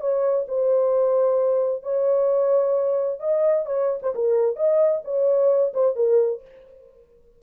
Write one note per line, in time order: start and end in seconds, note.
0.00 0.46 C#5
0.47 1.83 C5
1.83 3.19 C#5
3.19 3.65 D#5
3.65 4.00 C#5
4.02 4.13 C5
4.15 4.56 A#4
4.56 5.02 D#5
5.04 5.73 C#5
5.73 5.95 C5
5.95 6.41 A#4